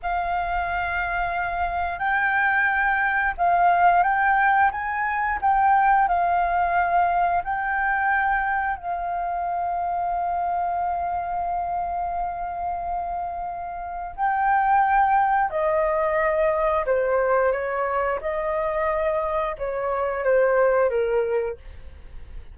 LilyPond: \new Staff \with { instrumentName = "flute" } { \time 4/4 \tempo 4 = 89 f''2. g''4~ | g''4 f''4 g''4 gis''4 | g''4 f''2 g''4~ | g''4 f''2.~ |
f''1~ | f''4 g''2 dis''4~ | dis''4 c''4 cis''4 dis''4~ | dis''4 cis''4 c''4 ais'4 | }